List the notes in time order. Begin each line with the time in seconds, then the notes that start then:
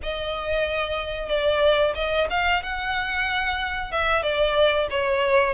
0.02 D#5
1.28 D5
1.94 D#5
2.30 F5
2.63 F#5
3.91 E5
4.22 D5
4.90 C#5